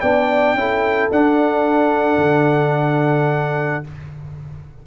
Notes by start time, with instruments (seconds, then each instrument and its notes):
0.00 tuba B3, trombone D4, horn D5, trumpet G5
0.54 tuba C#4, trombone E4, horn A4
1.11 trombone D4, tuba D4, trumpet F#5
2.17 tuba D3